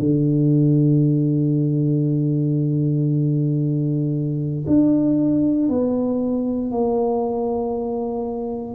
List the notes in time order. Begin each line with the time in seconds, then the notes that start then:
0.00 D3
4.67 D4
5.69 B3
6.71 A#3